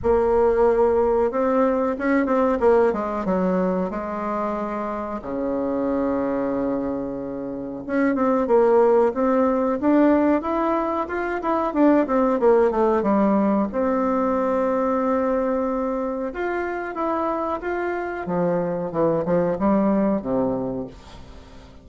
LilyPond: \new Staff \with { instrumentName = "bassoon" } { \time 4/4 \tempo 4 = 92 ais2 c'4 cis'8 c'8 | ais8 gis8 fis4 gis2 | cis1 | cis'8 c'8 ais4 c'4 d'4 |
e'4 f'8 e'8 d'8 c'8 ais8 a8 | g4 c'2.~ | c'4 f'4 e'4 f'4 | f4 e8 f8 g4 c4 | }